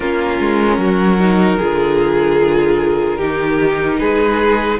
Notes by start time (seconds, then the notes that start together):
0.00 A#3 C#4 F4 A#4
0.40 G#3
0.78 F#3 F#4
1.19 D#4
1.58 D3 F4 G#4
3.17 D#3 D#4 G4
3.99 G#3 G#4 B4